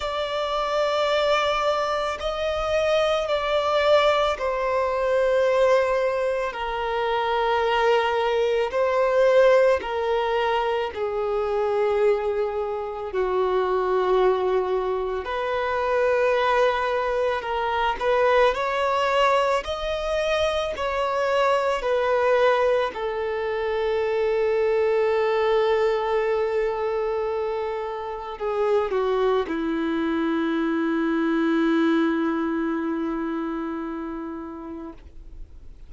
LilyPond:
\new Staff \with { instrumentName = "violin" } { \time 4/4 \tempo 4 = 55 d''2 dis''4 d''4 | c''2 ais'2 | c''4 ais'4 gis'2 | fis'2 b'2 |
ais'8 b'8 cis''4 dis''4 cis''4 | b'4 a'2.~ | a'2 gis'8 fis'8 e'4~ | e'1 | }